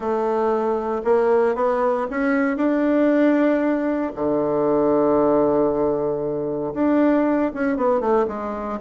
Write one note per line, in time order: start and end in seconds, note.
0.00 1.02 A3
1.04 1.55 A#3
1.55 2.06 B3
2.10 2.56 C#4
2.56 4.11 D4
4.15 6.73 D3
6.74 7.51 D4
7.54 7.76 C#4
7.76 8.00 B3
8.00 8.26 A3
8.27 8.79 G#3